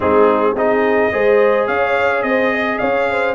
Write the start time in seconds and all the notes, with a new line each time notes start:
0.00 G#3 C4 D#4 G#4
0.53 C4 D#4 G#4 D#5
1.11 G#3 G#4 C5
1.67 C#4 C#5 F5
2.22 C4 C5 D#5
2.53 D#5
2.78 C#4 C#5 F5
3.10 C5